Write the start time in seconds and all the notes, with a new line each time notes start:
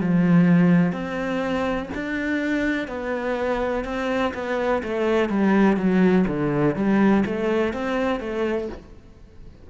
0.00 F3
0.92 C4
1.94 D4
2.87 B3
3.84 C4
4.33 B3
4.83 A3
5.29 G3
5.76 F#3
6.27 D3
6.75 G3
7.25 A3
7.72 C4
8.20 A3